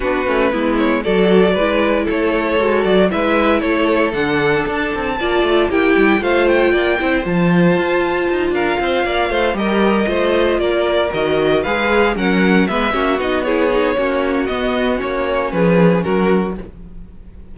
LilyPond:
<<
  \new Staff \with { instrumentName = "violin" } { \time 4/4 \tempo 4 = 116 b'4. cis''8 d''2 | cis''4. d''8 e''4 cis''4 | fis''4 a''2 g''4 | f''8 g''4. a''2~ |
a''8 f''2 dis''4.~ | dis''8 d''4 dis''4 f''4 fis''8~ | fis''8 e''4 dis''8 cis''2 | dis''4 cis''4 b'4 ais'4 | }
  \new Staff \with { instrumentName = "violin" } { \time 4/4 fis'4 e'4 a'4 b'4 | a'2 b'4 a'4~ | a'2 d''4 g'4 | c''4 d''8 c''2~ c''8~ |
c''8 ais'8 c''8 d''8 c''8 ais'4 c''8~ | c''8 ais'2 b'4 ais'8~ | ais'8 b'8 fis'4 gis'4 fis'4~ | fis'2 gis'4 fis'4 | }
  \new Staff \with { instrumentName = "viola" } { \time 4/4 d'8 cis'8 b4 fis'4 e'4~ | e'4 fis'4 e'2 | d'2 f'4 e'4 | f'4. e'8 f'2~ |
f'2~ f'8 g'4 f'8~ | f'4. fis'4 gis'4 cis'8~ | cis'8 b8 cis'8 dis'8 e'8 dis'8 cis'4 | b4 cis'2. | }
  \new Staff \with { instrumentName = "cello" } { \time 4/4 b8 a8 gis4 fis4 gis4 | a4 gis8 fis8 gis4 a4 | d4 d'8 c'8 ais8 a8 ais8 g8 | a4 ais8 c'8 f4 f'4 |
dis'8 d'8 c'8 ais8 a8 g4 a8~ | a8 ais4 dis4 gis4 fis8~ | fis8 gis8 ais8 b4. ais4 | b4 ais4 f4 fis4 | }
>>